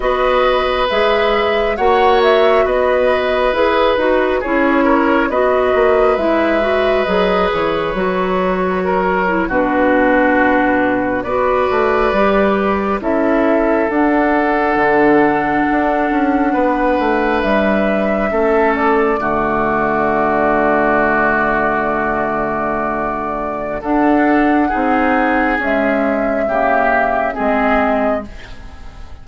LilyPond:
<<
  \new Staff \with { instrumentName = "flute" } { \time 4/4 \tempo 4 = 68 dis''4 e''4 fis''8 e''8 dis''4 | b'4 cis''4 dis''4 e''4 | dis''8 cis''2~ cis''16 b'4~ b'16~ | b'8. d''2 e''4 fis''16~ |
fis''2.~ fis''8. e''16~ | e''4~ e''16 d''2~ d''8.~ | d''2. fis''4~ | fis''4 e''2 dis''4 | }
  \new Staff \with { instrumentName = "oboe" } { \time 4/4 b'2 cis''4 b'4~ | b'4 gis'8 ais'8 b'2~ | b'2 ais'8. fis'4~ fis'16~ | fis'8. b'2 a'4~ a'16~ |
a'2~ a'8. b'4~ b'16~ | b'8. a'4 fis'2~ fis'16~ | fis'2. a'4 | gis'2 g'4 gis'4 | }
  \new Staff \with { instrumentName = "clarinet" } { \time 4/4 fis'4 gis'4 fis'2 | gis'8 fis'8 e'4 fis'4 e'8 fis'8 | gis'4 fis'4. e'16 d'4~ d'16~ | d'8. fis'4 g'4 e'4 d'16~ |
d'1~ | d'8. cis'4 a2~ a16~ | a2. d'4 | dis'4 gis4 ais4 c'4 | }
  \new Staff \with { instrumentName = "bassoon" } { \time 4/4 b4 gis4 ais4 b4 | e'8 dis'8 cis'4 b8 ais8 gis4 | fis8 e8 fis4.~ fis16 b,4~ b,16~ | b,8. b8 a8 g4 cis'4 d'16~ |
d'8. d4 d'8 cis'8 b8 a8 g16~ | g8. a4 d2~ d16~ | d2. d'4 | c'4 cis'4 cis4 gis4 | }
>>